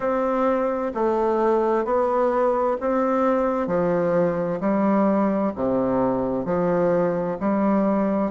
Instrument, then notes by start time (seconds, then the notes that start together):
bassoon
0.00 C4
0.94 A3
1.85 B3
2.80 C4
3.67 F3
4.60 G3
5.56 C3
6.45 F3
7.39 G3